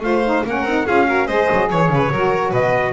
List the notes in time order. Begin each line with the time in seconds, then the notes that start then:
0.00 A3 F4 C5 F5
0.24 D#4
0.44 A#3 C#4 A#4 F#5
0.63 C4 D#4
0.86 C#4 F4 G#4 F5
1.06 F#4 A#4
1.27 G#3 G#4 C5 D#5
1.52 F#3
1.70 E3 C#5
1.89 C#3 B4
2.11 F#3 F#4 A#4
2.50 B2 B4 D#5